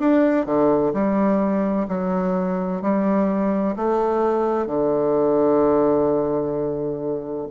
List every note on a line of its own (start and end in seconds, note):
0.00 0.46 D4
0.46 0.93 D3
0.94 1.87 G3
1.89 2.82 F#3
2.82 3.76 G3
3.77 4.67 A3
4.67 7.48 D3